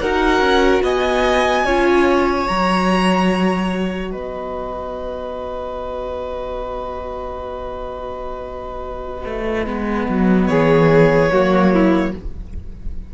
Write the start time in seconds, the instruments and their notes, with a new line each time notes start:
0.00 cello D#4, viola F#4, violin A#4 F#5
0.40 cello C#4
0.83 cello B3, violin D#5 G#5
1.65 cello C#4, viola F4, violin C#5
2.46 cello F#3, viola F#4, violin A#5
4.11 cello B3, violin B4 D#5
9.26 cello A3
9.65 cello G#3, viola B3
10.09 cello F#3
10.47 cello E3, violin G#4 C#5
11.32 cello F#3, viola A#3, violin F#4
11.73 violin E4